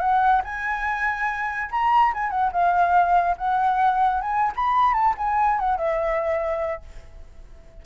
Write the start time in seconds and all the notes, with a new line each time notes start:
0.00 F#5
0.44 G#5
1.71 A#5
2.14 G#5
2.30 F#5
2.53 F5
3.38 F#5
4.21 G#5
4.56 B5
4.94 A5
5.17 G#5
5.59 F#5
5.77 E5